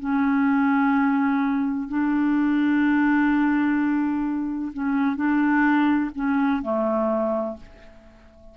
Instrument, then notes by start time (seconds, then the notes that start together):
clarinet
0.00 C#4
1.89 D4
4.74 C#4
5.16 D4
6.15 C#4
6.63 A3